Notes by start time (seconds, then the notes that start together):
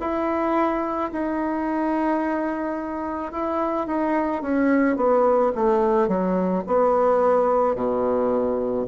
0.00 E4
1.12 D#4
3.32 E4
3.87 D#4
4.42 C#4
4.96 B3
5.55 A3
6.08 F#3
6.67 B3
7.75 B2